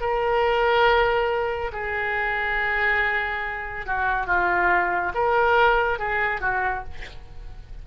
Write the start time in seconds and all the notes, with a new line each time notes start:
0.00 A#4
1.72 G#4
3.86 F#4
4.26 F4
5.14 A#4
5.98 G#4
6.41 F#4